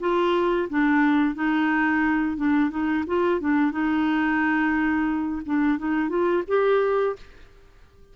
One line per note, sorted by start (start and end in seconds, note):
0.00 0.68 F4
0.69 1.35 D4
1.35 2.37 D#4
2.37 2.70 D4
2.70 3.04 D#4
3.07 3.40 F4
3.40 3.71 D4
3.71 5.42 D#4
5.45 5.78 D4
5.78 6.09 D#4
6.09 6.43 F4
6.48 7.16 G4